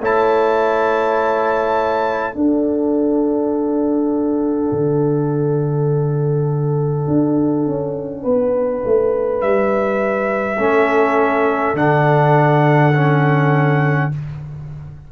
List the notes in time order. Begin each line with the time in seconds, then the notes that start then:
0.00 A3 E4 C#5 A5
2.33 D4 A4 F#5
4.72 D3
7.07 D4
7.66 C#4
8.23 B3 B4
8.85 A3
9.41 G3 E5
10.58 A3 C#4 A4
11.74 D3 D4 F#5
12.94 C#4